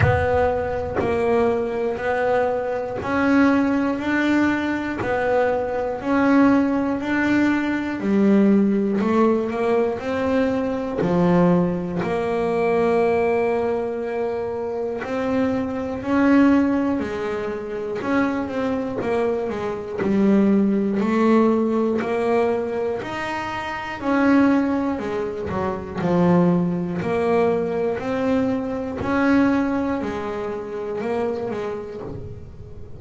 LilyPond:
\new Staff \with { instrumentName = "double bass" } { \time 4/4 \tempo 4 = 60 b4 ais4 b4 cis'4 | d'4 b4 cis'4 d'4 | g4 a8 ais8 c'4 f4 | ais2. c'4 |
cis'4 gis4 cis'8 c'8 ais8 gis8 | g4 a4 ais4 dis'4 | cis'4 gis8 fis8 f4 ais4 | c'4 cis'4 gis4 ais8 gis8 | }